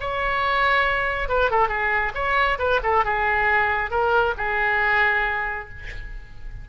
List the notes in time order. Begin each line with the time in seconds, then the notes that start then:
0.00 C#5
1.28 B4
1.50 A4
1.68 G#4
2.14 C#5
2.58 B4
2.83 A4
3.04 G#4
3.90 A#4
4.37 G#4